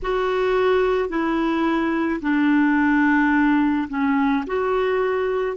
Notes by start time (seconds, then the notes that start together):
0.02 F#4
1.09 E4
2.21 D4
3.88 C#4
4.46 F#4